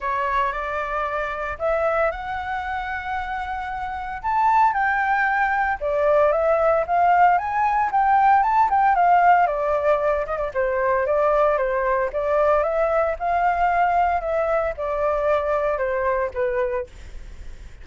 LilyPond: \new Staff \with { instrumentName = "flute" } { \time 4/4 \tempo 4 = 114 cis''4 d''2 e''4 | fis''1 | a''4 g''2 d''4 | e''4 f''4 gis''4 g''4 |
a''8 g''8 f''4 d''4. dis''16 d''16 | c''4 d''4 c''4 d''4 | e''4 f''2 e''4 | d''2 c''4 b'4 | }